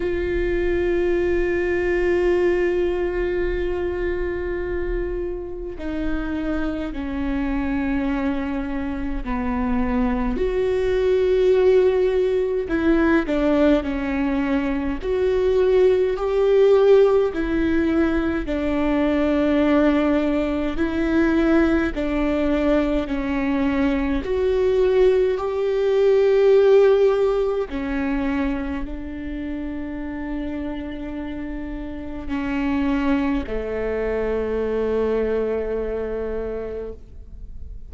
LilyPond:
\new Staff \with { instrumentName = "viola" } { \time 4/4 \tempo 4 = 52 f'1~ | f'4 dis'4 cis'2 | b4 fis'2 e'8 d'8 | cis'4 fis'4 g'4 e'4 |
d'2 e'4 d'4 | cis'4 fis'4 g'2 | cis'4 d'2. | cis'4 a2. | }